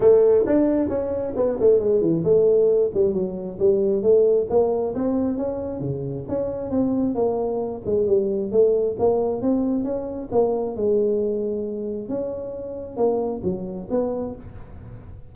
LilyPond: \new Staff \with { instrumentName = "tuba" } { \time 4/4 \tempo 4 = 134 a4 d'4 cis'4 b8 a8 | gis8 e8 a4. g8 fis4 | g4 a4 ais4 c'4 | cis'4 cis4 cis'4 c'4 |
ais4. gis8 g4 a4 | ais4 c'4 cis'4 ais4 | gis2. cis'4~ | cis'4 ais4 fis4 b4 | }